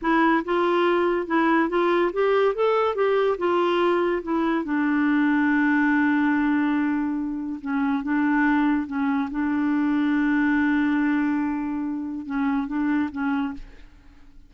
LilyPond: \new Staff \with { instrumentName = "clarinet" } { \time 4/4 \tempo 4 = 142 e'4 f'2 e'4 | f'4 g'4 a'4 g'4 | f'2 e'4 d'4~ | d'1~ |
d'2 cis'4 d'4~ | d'4 cis'4 d'2~ | d'1~ | d'4 cis'4 d'4 cis'4 | }